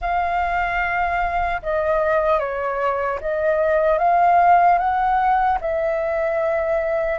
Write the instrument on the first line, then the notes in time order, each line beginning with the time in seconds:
flute
0.01 F5
1.62 D#5
2.39 C#5
3.20 D#5
3.98 F5
4.78 F#5
5.60 E5